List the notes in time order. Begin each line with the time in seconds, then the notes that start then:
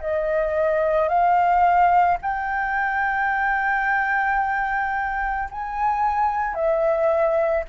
0.00 D#5
1.09 F5
2.22 G5
5.51 G#5
6.55 E5